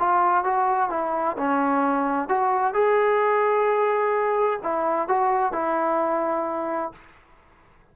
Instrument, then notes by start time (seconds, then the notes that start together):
trombone
0.00 F4
0.45 F#4
0.90 E4
1.38 C#4
2.29 F#4
2.74 G#4
4.64 E4
5.09 F#4
5.53 E4